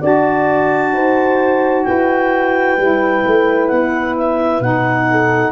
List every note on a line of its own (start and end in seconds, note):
0.00 0.93 D4
0.00 2.77 F#4
0.00 0.92 D5
0.00 1.84 A5
0.93 1.85 D#4
0.93 1.86 C5
1.84 2.77 E4
1.84 5.09 B4
1.84 3.68 G5
2.77 3.23 G3
2.77 4.61 E4
3.26 3.71 A3
3.68 4.60 B3
3.68 4.14 F#5
4.17 4.62 E5
4.60 5.52 B2
4.60 5.52 D#4
4.60 5.52 F#5
5.10 5.52 A4